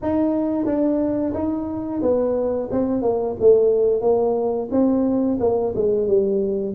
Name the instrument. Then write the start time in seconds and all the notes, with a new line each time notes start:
tuba
0.02 D#4
0.65 D4
1.34 D#4
2.02 B3
2.71 C4
3.02 A#3
3.40 A3
4.01 A#3
4.71 C4
5.40 A#3
5.75 G#3
6.07 G3